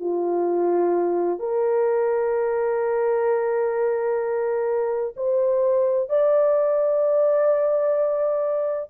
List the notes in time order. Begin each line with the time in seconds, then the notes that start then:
0.00 F4
1.39 A#4
5.16 C5
6.09 D5